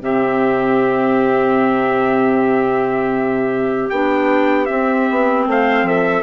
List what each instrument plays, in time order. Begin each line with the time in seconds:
0.00 bassoon C3, clarinet C4 G4, trumpet E5
3.90 bassoon B3, clarinet D4, trumpet G5
4.66 clarinet C4, bassoon C4, trumpet E5
5.11 bassoon B3
5.47 bassoon A3, clarinet C5, trumpet F5
5.83 bassoon F3, clarinet A4, trumpet E5